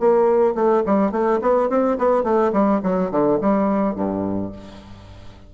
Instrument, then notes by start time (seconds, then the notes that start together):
bassoon
0.00 A#3
0.55 A3
0.86 G3
1.12 A3
1.42 B3
1.70 C4
1.99 B3
2.24 A3
2.53 G3
2.84 F#3
3.12 D3
3.42 G3
3.96 G2